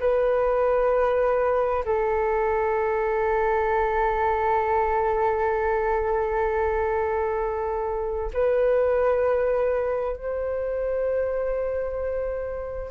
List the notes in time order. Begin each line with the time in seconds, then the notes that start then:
0.00 B4
1.85 A4
8.34 B4
10.16 C5